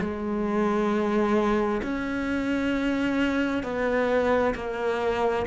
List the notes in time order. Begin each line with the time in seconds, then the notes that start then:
0.00 G#3
1.82 C#4
3.63 B3
4.55 A#3